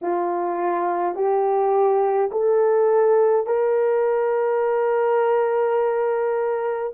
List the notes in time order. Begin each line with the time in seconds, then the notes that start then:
0.01 F4
1.15 G4
2.31 A4
3.46 A#4